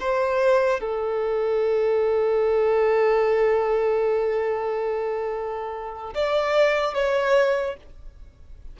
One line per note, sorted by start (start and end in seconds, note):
0.00 0.80 C5
0.80 6.14 A4
6.14 6.94 D5
6.94 7.76 C#5